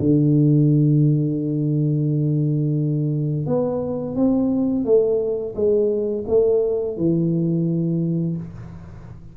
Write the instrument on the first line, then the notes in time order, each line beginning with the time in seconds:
tuba
0.00 D3
3.47 B3
4.16 C4
4.85 A3
5.55 G#3
6.28 A3
6.98 E3